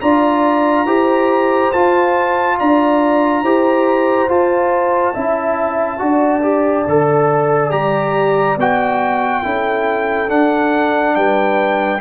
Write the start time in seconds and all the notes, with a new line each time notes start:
0.00 D4 F4 D5 A#5
0.85 E4 G4 C5
1.72 F4 A5
2.59 D4 D5 A#5
3.42 E4 G4 C5
4.28 F4 A5
5.14 C#4 E4 E5
5.98 D4 F#4 D5
6.42 G4
6.87 D3 A4
7.70 G3 G4 A#5
8.57 B3 F#4 G5
9.43 C#4 E4 A4
10.28 D4 F#5
11.15 G3 B4 G5